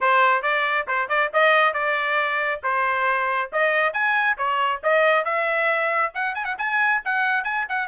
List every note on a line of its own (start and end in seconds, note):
0.00 0.42 C5
0.42 0.86 D5
0.87 1.08 C5
1.08 1.30 D5
1.33 1.73 D#5
1.73 2.61 D5
2.63 3.50 C5
3.52 3.93 D#5
3.93 4.36 G#5
4.37 4.81 C#5
4.83 5.24 D#5
5.24 6.12 E5
6.14 6.34 F#5
6.34 6.44 G#5
6.44 6.55 F#5
6.58 7.02 G#5
7.04 7.44 F#5
7.44 7.65 G#5
7.68 7.87 F#5